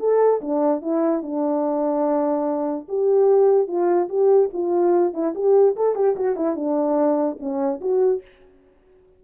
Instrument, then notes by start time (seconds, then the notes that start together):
horn
0.00 A4
0.41 D4
0.82 E4
1.23 D4
2.89 G4
3.68 F4
4.09 G4
4.53 F4
5.14 E4
5.35 G4
5.76 A4
5.95 G4
6.16 F#4
6.36 E4
6.56 D4
7.40 C#4
7.81 F#4